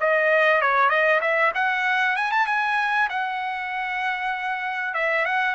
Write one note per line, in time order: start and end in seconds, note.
0.00 0.61 D#5
0.61 0.89 C#5
0.89 1.20 D#5
1.21 1.52 E5
1.54 2.16 F#5
2.16 2.31 G#5
2.31 2.47 A5
2.47 3.08 G#5
3.09 4.94 F#5
4.94 5.25 E5
5.25 5.55 F#5